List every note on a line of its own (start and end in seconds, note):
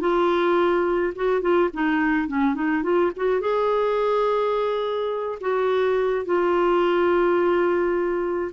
0.00 1.13 F4
1.15 1.41 F#4
1.41 1.69 F4
1.73 2.28 D#4
2.28 2.54 C#4
2.54 2.83 D#4
2.83 3.11 F4
3.16 3.40 F#4
3.40 5.38 G#4
5.40 6.25 F#4
6.25 8.51 F4